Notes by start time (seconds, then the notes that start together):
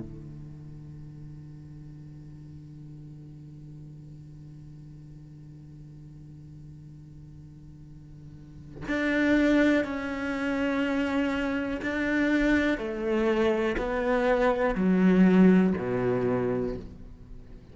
0.00 D3
8.88 D4
9.85 C#4
11.82 D4
12.78 A3
13.78 B3
14.76 F#3
15.78 B2